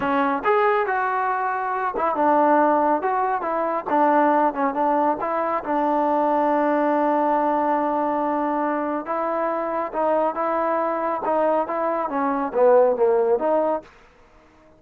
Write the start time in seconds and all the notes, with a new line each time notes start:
0.00 C#4
0.44 G#4
0.86 F#4
1.96 E4
2.15 D4
3.01 F#4
3.41 E4
3.89 D4
4.53 C#4
4.74 D4
5.20 E4
5.64 D4
9.05 E4
9.92 D#4
10.34 E4
11.25 D#4
11.67 E4
12.09 C#4
12.54 B3
12.96 A#3
13.39 D#4